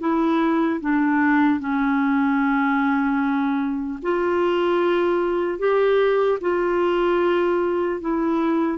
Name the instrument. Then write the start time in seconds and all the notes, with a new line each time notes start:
clarinet
0.00 E4
0.80 D4
1.60 C#4
4.02 F4
5.59 G4
6.41 F4
8.01 E4